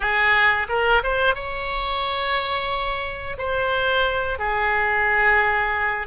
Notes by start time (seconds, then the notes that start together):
0.00 G#4
0.68 A#4
1.03 C5
1.35 C#5
3.38 C5
4.39 G#4